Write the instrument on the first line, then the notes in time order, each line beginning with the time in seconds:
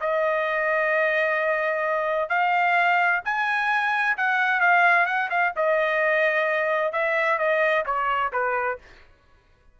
trumpet
0.00 D#5
2.29 F5
3.24 G#5
4.17 F#5
4.60 F5
5.06 F#5
5.30 F5
5.56 D#5
6.92 E5
7.38 D#5
7.85 C#5
8.32 B4